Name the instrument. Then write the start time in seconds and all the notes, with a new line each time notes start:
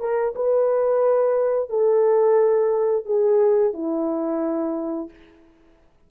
horn
0.00 A#4
0.35 B4
1.70 A4
3.06 G#4
3.73 E4